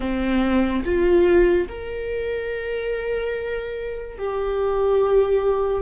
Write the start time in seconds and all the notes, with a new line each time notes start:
0.00 C4
0.84 F4
1.68 A#4
4.18 G4